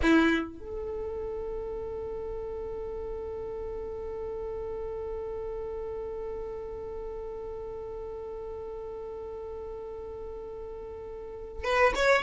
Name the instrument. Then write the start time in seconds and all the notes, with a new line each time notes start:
violin
0.02 E4
0.59 A4
11.63 B4
11.95 C#5